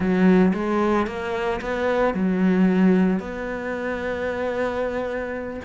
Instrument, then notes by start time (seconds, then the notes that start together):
cello
0.00 F#3
0.53 G#3
1.06 A#3
1.61 B3
2.14 F#3
3.19 B3